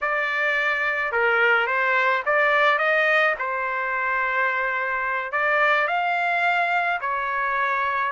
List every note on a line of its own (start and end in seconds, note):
0.01 1.11 D5
1.11 1.66 A#4
1.66 2.22 C5
2.25 2.78 D5
2.78 3.34 D#5
3.38 5.32 C5
5.32 5.87 D5
5.87 6.99 F5
7.00 8.12 C#5